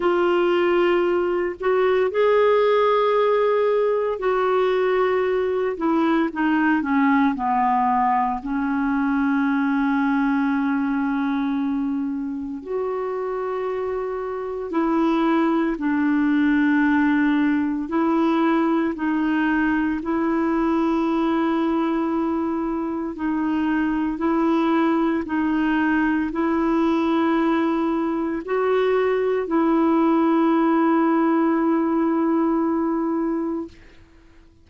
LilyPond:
\new Staff \with { instrumentName = "clarinet" } { \time 4/4 \tempo 4 = 57 f'4. fis'8 gis'2 | fis'4. e'8 dis'8 cis'8 b4 | cis'1 | fis'2 e'4 d'4~ |
d'4 e'4 dis'4 e'4~ | e'2 dis'4 e'4 | dis'4 e'2 fis'4 | e'1 | }